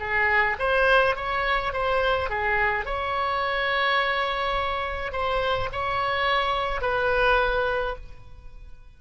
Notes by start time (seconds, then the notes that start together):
0.00 G#4
0.59 C5
1.16 C#5
1.74 C5
2.30 G#4
2.86 C#5
5.12 C5
5.73 C#5
6.82 B4